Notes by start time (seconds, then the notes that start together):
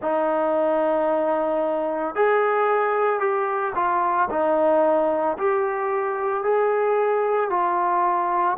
0.02 D#4
2.15 G#4
3.19 G4
3.75 F4
4.30 D#4
5.38 G4
6.43 G#4
7.50 F4